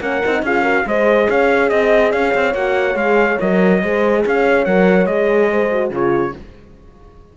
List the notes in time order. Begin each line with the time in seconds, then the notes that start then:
0.00 A#3 C#4 A#4 F#5
0.25 C4 D#4
0.42 C#4 F4 G#4 F5
0.62 F#4 A#4
0.86 G#3 G#4 C5 D#5
1.29 C#4 C#5 F5
1.70 C4 D#5
2.11 C#4 C#5 F5
2.35 C4
2.54 A#3 F#4 F#5
2.95 G#3 G#4 F5
3.40 F#3 A#4 D#5
3.82 G#3 G#4 C5
4.25 C#4 C#5 F5
4.65 F#3 A#4 F#5
5.06 G#3 G#4 D#5
5.51 C5
5.72 F#4
5.90 C#3 F4 G#4 C#5